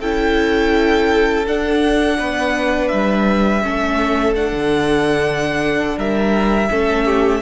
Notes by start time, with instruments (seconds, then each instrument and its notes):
0.00 cello C#4, viola E4, violin A4 G5
1.46 viola D4, cello D4, violin F#5
2.18 cello B3, violin B4
2.88 cello G3, violin E5
3.62 cello A3, viola C#4, violin A4
4.34 viola D4, violin F#5
4.52 cello D3
5.97 cello G3, violin A#4 E5
6.70 cello A3, viola C#4, violin A4
7.05 violin G4